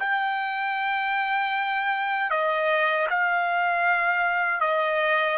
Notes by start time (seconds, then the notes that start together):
0.00 G5
2.31 D#5
3.10 F5
4.61 D#5